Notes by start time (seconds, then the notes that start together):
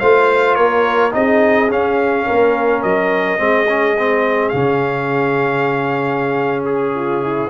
0.00 A3 F4 C5 F5
0.55 A#3 A#4 C#5
1.11 C4 D#4 G#4 D#5
1.71 C#4 F5
2.26 A#3 A#4
2.83 F#3 D#5
3.38 G#3 C4 G#4
3.68 C#4
3.99 C4
4.49 C#3 C#4 F5
6.65 G#4
6.95 F4
7.23 E4